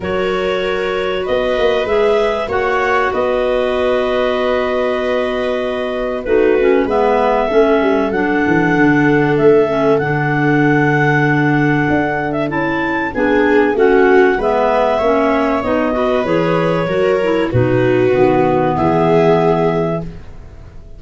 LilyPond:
<<
  \new Staff \with { instrumentName = "clarinet" } { \time 4/4 \tempo 4 = 96 cis''2 dis''4 e''4 | fis''4 dis''2.~ | dis''2 b'4 e''4~ | e''4 fis''2 e''4 |
fis''2.~ fis''8. e''16 | a''4 gis''4 fis''4 e''4~ | e''4 dis''4 cis''2 | b'2 e''2 | }
  \new Staff \with { instrumentName = "viola" } { \time 4/4 ais'2 b'2 | cis''4 b'2.~ | b'2 fis'4 b'4 | a'1~ |
a'1~ | a'4 gis'4 fis'4 b'4 | cis''4. b'4. ais'4 | fis'2 gis'2 | }
  \new Staff \with { instrumentName = "clarinet" } { \time 4/4 fis'2. gis'4 | fis'1~ | fis'2 dis'8 cis'8 b4 | cis'4 d'2~ d'8 cis'8 |
d'1 | e'4 d'4 cis'4 b4 | cis'4 dis'8 fis'8 gis'4 fis'8 e'8 | dis'4 b2. | }
  \new Staff \with { instrumentName = "tuba" } { \time 4/4 fis2 b8 ais8 gis4 | ais4 b2.~ | b2 a4 gis4 | a8 g8 fis8 e8 d4 a4 |
d2. d'4 | cis'4 b4 a4 gis4 | ais4 b4 e4 fis4 | b,4 dis4 e2 | }
>>